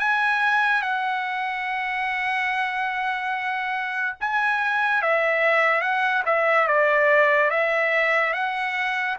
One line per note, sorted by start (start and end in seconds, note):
0.00 0.82 G#5
0.82 4.16 F#5
4.21 5.03 G#5
5.03 5.81 E5
5.81 6.23 F#5
6.26 6.68 E5
6.68 7.51 D5
7.51 8.34 E5
8.34 9.17 F#5